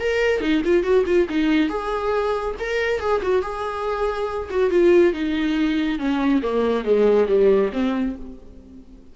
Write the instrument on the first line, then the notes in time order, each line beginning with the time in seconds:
viola
0.00 A#4
0.41 D#4
0.65 F4
0.84 F#4
1.07 F4
1.30 D#4
1.70 G#4
2.60 A#4
3.01 G#4
3.23 F#4
3.42 G#4
4.50 F#4
4.71 F4
5.14 D#4
5.99 C#4
6.43 A#3
6.85 G#3
7.28 G3
7.73 C4